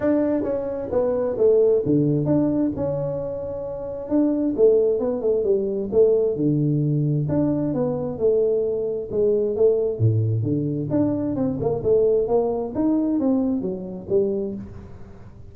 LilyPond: \new Staff \with { instrumentName = "tuba" } { \time 4/4 \tempo 4 = 132 d'4 cis'4 b4 a4 | d4 d'4 cis'2~ | cis'4 d'4 a4 b8 a8 | g4 a4 d2 |
d'4 b4 a2 | gis4 a4 a,4 d4 | d'4 c'8 ais8 a4 ais4 | dis'4 c'4 fis4 g4 | }